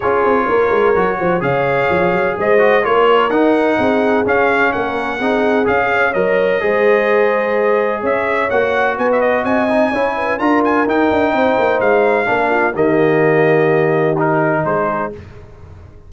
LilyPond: <<
  \new Staff \with { instrumentName = "trumpet" } { \time 4/4 \tempo 4 = 127 cis''2. f''4~ | f''4 dis''4 cis''4 fis''4~ | fis''4 f''4 fis''2 | f''4 dis''2.~ |
dis''4 e''4 fis''4 gis''16 e''16 dis''8 | gis''2 ais''8 gis''8 g''4~ | g''4 f''2 dis''4~ | dis''2 ais'4 c''4 | }
  \new Staff \with { instrumentName = "horn" } { \time 4/4 gis'4 ais'4. c''8 cis''4~ | cis''4 c''4 ais'2 | gis'2 ais'4 gis'4~ | gis'8 cis''4. c''2~ |
c''4 cis''2 b'4 | dis''4 cis''8 b'8 ais'2 | c''2 ais'8 f'8 g'4~ | g'2. gis'4 | }
  \new Staff \with { instrumentName = "trombone" } { \time 4/4 f'2 fis'4 gis'4~ | gis'4. fis'8 f'4 dis'4~ | dis'4 cis'2 dis'4 | gis'4 ais'4 gis'2~ |
gis'2 fis'2~ | fis'8 dis'8 e'4 f'4 dis'4~ | dis'2 d'4 ais4~ | ais2 dis'2 | }
  \new Staff \with { instrumentName = "tuba" } { \time 4/4 cis'8 c'8 ais8 gis8 fis8 f8 cis4 | f8 fis8 gis4 ais4 dis'4 | c'4 cis'4 ais4 c'4 | cis'4 fis4 gis2~ |
gis4 cis'4 ais4 b4 | c'4 cis'4 d'4 dis'8 d'8 | c'8 ais8 gis4 ais4 dis4~ | dis2. gis4 | }
>>